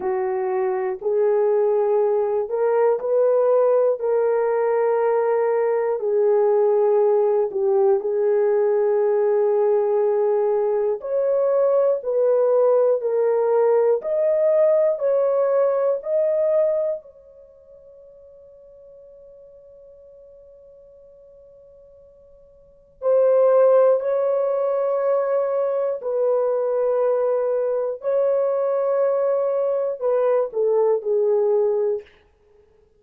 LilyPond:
\new Staff \with { instrumentName = "horn" } { \time 4/4 \tempo 4 = 60 fis'4 gis'4. ais'8 b'4 | ais'2 gis'4. g'8 | gis'2. cis''4 | b'4 ais'4 dis''4 cis''4 |
dis''4 cis''2.~ | cis''2. c''4 | cis''2 b'2 | cis''2 b'8 a'8 gis'4 | }